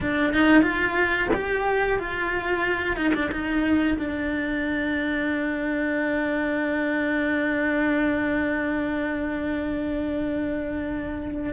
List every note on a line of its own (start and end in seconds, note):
0.00 0.33 D4
0.33 0.62 D#4
0.62 1.28 F4
1.33 1.99 G4
1.99 2.96 F4
2.96 3.13 D#4
3.14 3.30 D4
3.31 3.97 D#4
3.98 11.53 D4